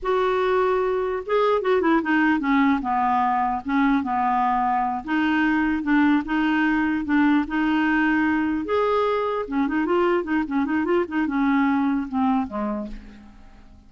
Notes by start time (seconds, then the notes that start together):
0.02 F#4
1.26 G#4
1.61 F#4
1.81 E4
2.02 D#4
2.39 C#4
2.81 B3
3.65 C#4
4.03 B3
5.04 D#4
5.82 D4
6.25 D#4
7.04 D4
7.47 D#4
8.65 G#4
9.47 C#4
9.67 D#4
9.85 F4
10.23 D#4
10.47 C#4
10.65 D#4
10.84 F4
11.08 D#4
11.27 C#4
12.08 C4
12.47 G#3